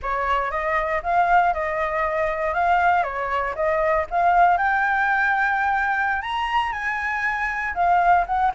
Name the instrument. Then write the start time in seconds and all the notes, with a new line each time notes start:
flute
0.02 C#5
0.50 D#5
1.02 F5
1.53 D#5
2.54 F5
3.03 C#5
3.55 D#5
4.10 F5
4.57 G5
6.21 A#5
6.72 G#5
7.74 F5
8.26 F#5